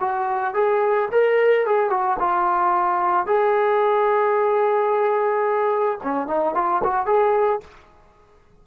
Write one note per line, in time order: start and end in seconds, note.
0.00 0.54 F#4
0.54 1.09 G#4
1.12 1.66 A#4
1.66 1.90 G#4
1.90 2.17 F#4
2.19 3.27 F4
3.27 5.99 G#4
6.03 6.27 C#4
6.27 6.54 D#4
6.55 6.82 F4
6.84 7.06 F#4
7.06 7.61 G#4